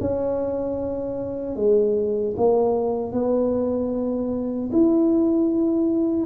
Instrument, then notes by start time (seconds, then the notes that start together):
tuba
0.00 C#4
1.56 G#3
2.37 A#3
3.12 B3
4.72 E4